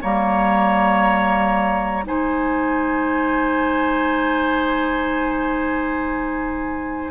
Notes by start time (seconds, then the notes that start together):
0.00 G3 A#3 C#5 A#5
2.04 G#3 D#4 C5 G#5